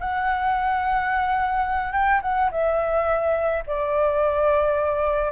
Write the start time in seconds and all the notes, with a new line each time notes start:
0.00 F#5
1.92 G5
2.22 F#5
2.51 E5
3.67 D5